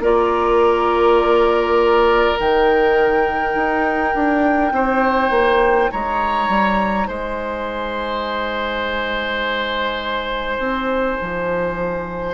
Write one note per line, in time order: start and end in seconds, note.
0.00 2.35 A#3
0.00 2.36 F4
0.00 4.73 A#4
0.00 2.39 D5
2.36 3.55 D#3
2.36 12.34 D#4
2.36 5.91 G5
3.55 4.14 D#4
4.14 4.72 D4
4.72 5.30 C4
4.72 5.91 C5
5.30 5.89 A#3
5.91 6.49 G#3
5.91 7.07 C#5
5.91 7.08 A#5
6.49 7.07 G3
7.07 10.59 G#3
7.07 12.34 C5
7.07 12.34 G#5
10.59 11.18 C4
11.21 12.34 F3